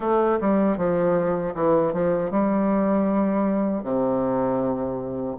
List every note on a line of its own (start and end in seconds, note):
0.00 0.38 A3
0.41 0.77 G3
0.77 1.54 F3
1.55 1.93 E3
1.93 2.30 F3
2.30 3.83 G3
3.83 5.37 C3